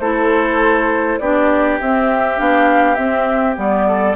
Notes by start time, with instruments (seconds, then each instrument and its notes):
0.00 bassoon A3, clarinet E4, oboe A4, flute C5
1.19 bassoon B3, clarinet D4, oboe G4, flute D5
1.80 bassoon C4, clarinet C4, flute E5
2.37 bassoon B3, clarinet D4, flute F5
2.95 clarinet C4, bassoon C4, flute E5
3.56 bassoon G3, clarinet B3, flute D5
3.88 oboe A4